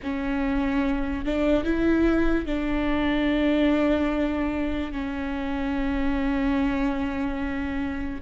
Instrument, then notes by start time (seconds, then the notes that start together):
viola
0.02 C#4
1.25 D4
1.64 E4
2.46 D4
4.92 C#4